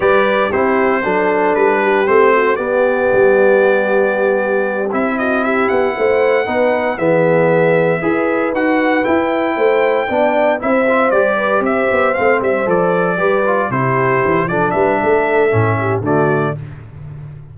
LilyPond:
<<
  \new Staff \with { instrumentName = "trumpet" } { \time 4/4 \tempo 4 = 116 d''4 c''2 b'4 | c''4 d''2.~ | d''4. e''8 dis''8 e''8 fis''4~ | fis''4. e''2~ e''8~ |
e''8 fis''4 g''2~ g''8~ | g''8 e''4 d''4 e''4 f''8 | e''8 d''2 c''4. | d''8 e''2~ e''8 d''4 | }
  \new Staff \with { instrumentName = "horn" } { \time 4/4 b'4 g'4 a'4. g'8~ | g'8 fis'8 g'2.~ | g'2 fis'8 g'4 c''8~ | c''8 b'4 gis'2 b'8~ |
b'2~ b'8 c''4 d''8~ | d''8 c''4. b'8 c''4.~ | c''4. b'4 g'4. | a'8 b'8 a'4. g'8 fis'4 | }
  \new Staff \with { instrumentName = "trombone" } { \time 4/4 g'4 e'4 d'2 | c'4 b2.~ | b4. e'2~ e'8~ | e'8 dis'4 b2 gis'8~ |
gis'8 fis'4 e'2 d'8~ | d'8 e'8 f'8 g'2 c'8~ | c'8 a'4 g'8 f'8 e'4. | d'2 cis'4 a4 | }
  \new Staff \with { instrumentName = "tuba" } { \time 4/4 g4 c'4 fis4 g4 | a4 b4 g2~ | g4. c'4. b8 a8~ | a8 b4 e2 e'8~ |
e'8 dis'4 e'4 a4 b8~ | b8 c'4 g4 c'8 b8 a8 | g8 f4 g4 c4 e8 | f8 g8 a4 a,4 d4 | }
>>